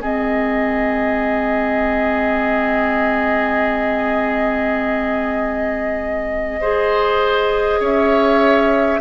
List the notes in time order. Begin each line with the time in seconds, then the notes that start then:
0.00 G#3 C4 G#4 D#5
6.61 G#4 C5
7.80 C#4 C#5 E5